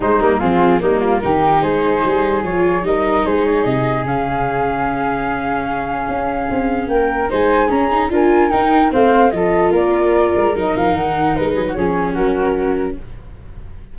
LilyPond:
<<
  \new Staff \with { instrumentName = "flute" } { \time 4/4 \tempo 4 = 148 c''8 ais'8 gis'4 ais'2 | c''2 cis''4 dis''4 | c''8 cis''8 dis''4 f''2~ | f''1~ |
f''4 g''4 gis''4 ais''4 | gis''4 g''4 f''4 dis''4 | d''2 dis''8 f''8 fis''4 | b'4 cis''4 ais'2 | }
  \new Staff \with { instrumentName = "flute" } { \time 4/4 dis'4 f'4 dis'8 f'8 g'4 | gis'2. ais'4 | gis'1~ | gis'1~ |
gis'4 ais'4 c''4 gis'4 | ais'2 c''4 a'4 | ais'1~ | ais'8 gis'16 fis'16 gis'4 fis'2 | }
  \new Staff \with { instrumentName = "viola" } { \time 4/4 gis8 ais8 c'4 ais4 dis'4~ | dis'2 f'4 dis'4~ | dis'2 cis'2~ | cis'1~ |
cis'2 dis'4 cis'8 dis'8 | f'4 dis'4 c'4 f'4~ | f'2 dis'2~ | dis'4 cis'2. | }
  \new Staff \with { instrumentName = "tuba" } { \time 4/4 gis8 g8 f4 g4 dis4 | gis4 g4 f4 g4 | gis4 c4 cis2~ | cis2. cis'4 |
c'4 ais4 gis4 cis'4 | d'4 dis'4 a4 f4 | ais4. gis8 fis8 f8 dis4 | gis8 fis8 f4 fis2 | }
>>